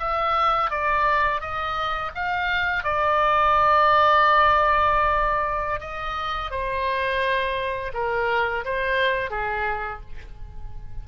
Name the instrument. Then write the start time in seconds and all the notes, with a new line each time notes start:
oboe
0.00 E5
0.71 D5
1.41 D#5
2.15 F5
2.84 D5
5.81 D#5
6.51 C5
7.94 A#4
8.65 C5
9.31 G#4